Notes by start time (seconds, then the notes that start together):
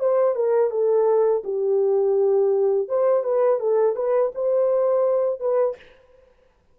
0.00 C5
0.35 A#4
0.71 A4
1.44 G4
2.89 C5
3.24 B4
3.60 A4
3.96 B4
4.35 C5
5.40 B4